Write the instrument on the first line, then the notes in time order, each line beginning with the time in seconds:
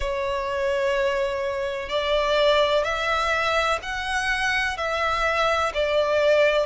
violin
0.00 C#5
1.89 D5
2.84 E5
3.82 F#5
4.77 E5
5.74 D5